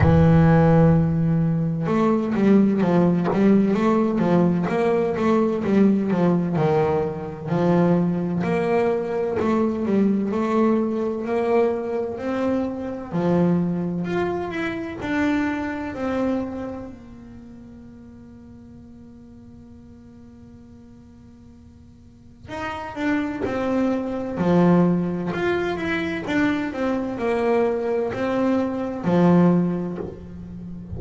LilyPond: \new Staff \with { instrumentName = "double bass" } { \time 4/4 \tempo 4 = 64 e2 a8 g8 f8 g8 | a8 f8 ais8 a8 g8 f8 dis4 | f4 ais4 a8 g8 a4 | ais4 c'4 f4 f'8 e'8 |
d'4 c'4 ais2~ | ais1 | dis'8 d'8 c'4 f4 f'8 e'8 | d'8 c'8 ais4 c'4 f4 | }